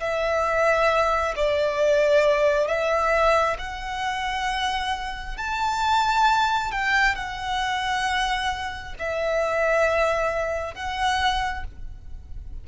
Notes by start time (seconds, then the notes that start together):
0.00 E5
1.36 D5
2.67 E5
3.58 F#5
5.37 A5
6.72 G5
7.16 F#5
8.99 E5
10.75 F#5